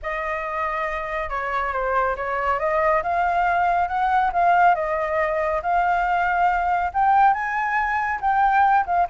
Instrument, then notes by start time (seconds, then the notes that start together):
flute
0.02 D#5
1.29 C#5
1.72 C5
2.16 C#5
2.59 D#5
3.03 F5
3.88 F#5
4.33 F5
4.74 D#5
5.62 F5
6.93 G5
7.33 G#5
8.20 G5
8.86 F5